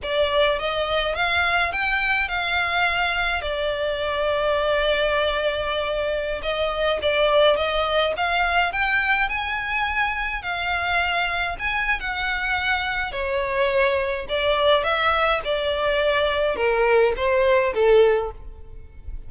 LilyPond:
\new Staff \with { instrumentName = "violin" } { \time 4/4 \tempo 4 = 105 d''4 dis''4 f''4 g''4 | f''2 d''2~ | d''2.~ d''16 dis''8.~ | dis''16 d''4 dis''4 f''4 g''8.~ |
g''16 gis''2 f''4.~ f''16~ | f''16 gis''8. fis''2 cis''4~ | cis''4 d''4 e''4 d''4~ | d''4 ais'4 c''4 a'4 | }